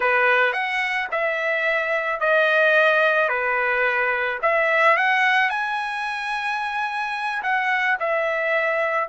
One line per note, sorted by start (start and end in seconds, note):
0.00 0.52 B4
0.52 1.07 F#5
1.11 2.20 E5
2.20 3.29 D#5
3.29 4.39 B4
4.42 4.97 E5
4.97 5.49 F#5
5.49 7.42 G#5
7.42 7.97 F#5
7.99 9.08 E5